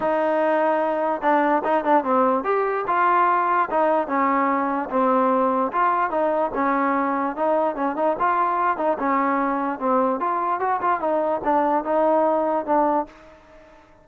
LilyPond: \new Staff \with { instrumentName = "trombone" } { \time 4/4 \tempo 4 = 147 dis'2. d'4 | dis'8 d'8 c'4 g'4 f'4~ | f'4 dis'4 cis'2 | c'2 f'4 dis'4 |
cis'2 dis'4 cis'8 dis'8 | f'4. dis'8 cis'2 | c'4 f'4 fis'8 f'8 dis'4 | d'4 dis'2 d'4 | }